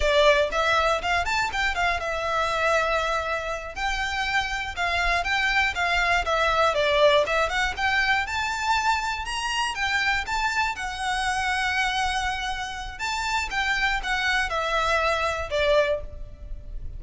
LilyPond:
\new Staff \with { instrumentName = "violin" } { \time 4/4 \tempo 4 = 120 d''4 e''4 f''8 a''8 g''8 f''8 | e''2.~ e''8 g''8~ | g''4. f''4 g''4 f''8~ | f''8 e''4 d''4 e''8 fis''8 g''8~ |
g''8 a''2 ais''4 g''8~ | g''8 a''4 fis''2~ fis''8~ | fis''2 a''4 g''4 | fis''4 e''2 d''4 | }